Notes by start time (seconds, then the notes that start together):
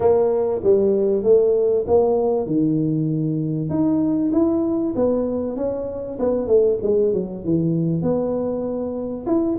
0.00 A#3
0.63 G3
1.23 A3
1.87 A#3
2.46 D#3
3.69 D#4
4.32 E4
4.95 B3
5.56 C#4
6.19 B3
6.47 A3
6.82 G#3
7.13 F#3
7.44 E3
8.02 B3
9.26 E4